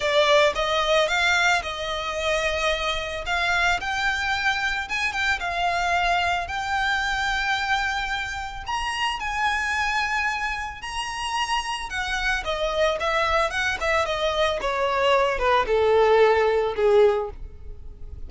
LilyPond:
\new Staff \with { instrumentName = "violin" } { \time 4/4 \tempo 4 = 111 d''4 dis''4 f''4 dis''4~ | dis''2 f''4 g''4~ | g''4 gis''8 g''8 f''2 | g''1 |
ais''4 gis''2. | ais''2 fis''4 dis''4 | e''4 fis''8 e''8 dis''4 cis''4~ | cis''8 b'8 a'2 gis'4 | }